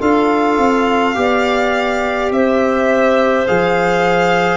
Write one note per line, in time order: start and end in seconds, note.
0.00 0.58 D4
0.00 1.15 F4
0.00 1.16 A4
0.00 2.32 F5
0.58 1.16 C4
1.15 2.31 B3
1.15 3.46 G4
1.15 2.34 D5
2.31 3.46 C4
2.31 4.57 C5
2.31 3.47 E5
3.47 4.57 F3
3.47 4.57 G#4
3.47 4.57 F5